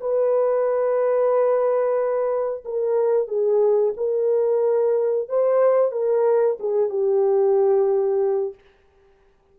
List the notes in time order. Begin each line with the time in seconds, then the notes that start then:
0.00 B4
2.65 A#4
3.27 G#4
3.97 A#4
5.29 C5
5.91 A#4
6.59 G#4
6.89 G4